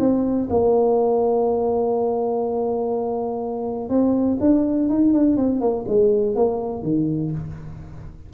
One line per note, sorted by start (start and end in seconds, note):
0.00 0.49 C4
0.50 3.89 A#3
3.89 4.38 C4
4.41 4.90 D4
4.90 5.13 D#4
5.13 5.37 D4
5.37 5.61 C4
5.61 5.86 A#3
5.88 6.36 G#3
6.36 6.83 A#3
6.83 7.32 D#3